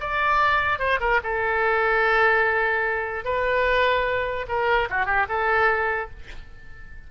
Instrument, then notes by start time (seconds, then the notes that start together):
oboe
0.00 D5
0.79 C5
1.00 A#4
1.23 A4
3.25 B4
4.48 A#4
4.90 F#4
5.06 G4
5.29 A4